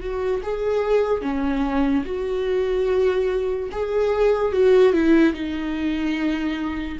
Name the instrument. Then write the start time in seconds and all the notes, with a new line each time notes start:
viola
0.00 F#4
0.43 G#4
1.21 C#4
2.05 F#4
3.71 G#4
4.52 F#4
4.93 E4
5.33 D#4